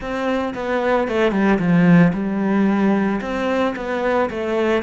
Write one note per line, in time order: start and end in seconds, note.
0.00 0.54 C4
0.54 1.07 B3
1.08 1.31 A3
1.31 1.58 G3
1.58 2.12 F3
2.13 3.20 G3
3.21 3.75 C4
3.76 4.29 B3
4.30 4.82 A3